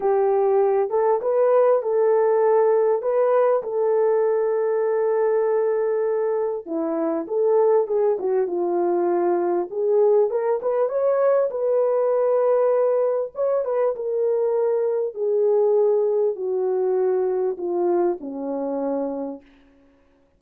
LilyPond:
\new Staff \with { instrumentName = "horn" } { \time 4/4 \tempo 4 = 99 g'4. a'8 b'4 a'4~ | a'4 b'4 a'2~ | a'2. e'4 | a'4 gis'8 fis'8 f'2 |
gis'4 ais'8 b'8 cis''4 b'4~ | b'2 cis''8 b'8 ais'4~ | ais'4 gis'2 fis'4~ | fis'4 f'4 cis'2 | }